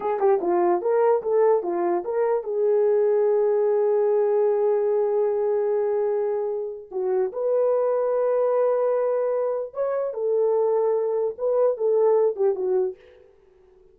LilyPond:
\new Staff \with { instrumentName = "horn" } { \time 4/4 \tempo 4 = 148 gis'8 g'8 f'4 ais'4 a'4 | f'4 ais'4 gis'2~ | gis'1~ | gis'1~ |
gis'4 fis'4 b'2~ | b'1 | cis''4 a'2. | b'4 a'4. g'8 fis'4 | }